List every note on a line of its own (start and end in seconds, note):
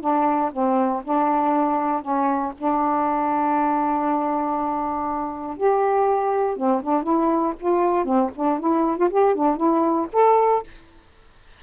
0.00 0.50 D4
0.52 1.02 C4
1.04 2.01 D4
2.01 2.52 C#4
2.57 5.56 D4
5.56 6.56 G4
6.56 6.81 C4
6.82 7.03 D4
7.03 7.53 E4
7.60 8.05 F4
8.05 8.30 C4
8.35 8.59 D4
8.59 8.97 E4
8.97 9.09 F4
9.10 9.34 G4
9.34 9.56 D4
9.56 10.07 E4
10.12 10.62 A4